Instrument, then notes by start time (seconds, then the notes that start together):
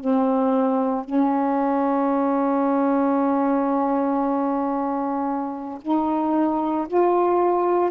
saxophone
0.00 C4
1.05 C#4
5.82 D#4
6.88 F4